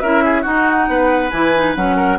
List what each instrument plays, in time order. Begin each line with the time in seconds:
0.00 bassoon C#4, clarinet E4, oboe A#4, flute E5
0.24 oboe G#4
0.42 clarinet D#4, bassoon D#4, oboe F#4
0.49 flute F#5
0.88 bassoon B3, oboe B4
1.30 bassoon E3, clarinet E4, flute G#5
1.55 clarinet D#4
1.75 bassoon F#3, clarinet C#4, flute F#5
1.95 oboe A#4